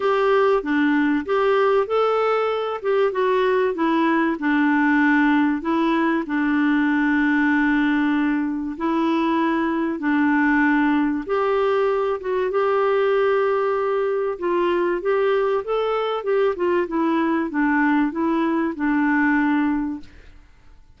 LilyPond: \new Staff \with { instrumentName = "clarinet" } { \time 4/4 \tempo 4 = 96 g'4 d'4 g'4 a'4~ | a'8 g'8 fis'4 e'4 d'4~ | d'4 e'4 d'2~ | d'2 e'2 |
d'2 g'4. fis'8 | g'2. f'4 | g'4 a'4 g'8 f'8 e'4 | d'4 e'4 d'2 | }